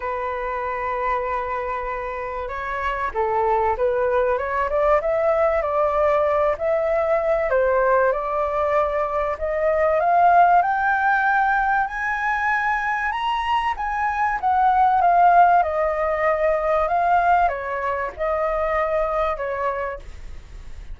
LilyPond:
\new Staff \with { instrumentName = "flute" } { \time 4/4 \tempo 4 = 96 b'1 | cis''4 a'4 b'4 cis''8 d''8 | e''4 d''4. e''4. | c''4 d''2 dis''4 |
f''4 g''2 gis''4~ | gis''4 ais''4 gis''4 fis''4 | f''4 dis''2 f''4 | cis''4 dis''2 cis''4 | }